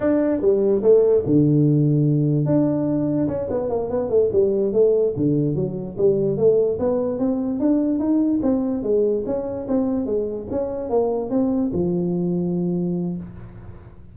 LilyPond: \new Staff \with { instrumentName = "tuba" } { \time 4/4 \tempo 4 = 146 d'4 g4 a4 d4~ | d2 d'2 | cis'8 b8 ais8 b8 a8 g4 a8~ | a8 d4 fis4 g4 a8~ |
a8 b4 c'4 d'4 dis'8~ | dis'8 c'4 gis4 cis'4 c'8~ | c'8 gis4 cis'4 ais4 c'8~ | c'8 f2.~ f8 | }